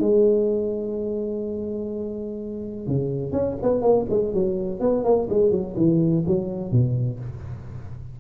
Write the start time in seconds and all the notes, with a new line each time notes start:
0.00 G#3
2.87 C#3
3.32 C#4
3.63 B3
3.82 A#3
4.10 G#3
4.34 F#3
4.80 B3
5.04 A#3
5.30 G#3
5.51 F#3
5.77 E3
6.27 F#3
6.72 B2